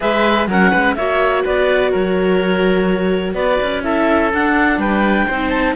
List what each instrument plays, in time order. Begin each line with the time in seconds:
0.00 cello G#3, viola G#4, oboe B4, clarinet E5
0.47 cello F#3, viola C#4, oboe A#4, clarinet F#5
0.70 cello G#3, oboe B4
0.95 cello A#3, viola F#4, oboe C#5, clarinet E5
1.44 cello B3, oboe B4, clarinet D5
1.91 cello F#3, oboe A#4, clarinet C#5
3.34 cello B3, oboe B4, clarinet D5
3.62 cello C#4
3.83 viola E4, oboe A4, clarinet E5
4.33 cello D4, viola D4, clarinet F#5
4.77 cello G3, oboe B4, clarinet G5
5.27 cello C4, viola D#4, oboe C5
5.49 clarinet A5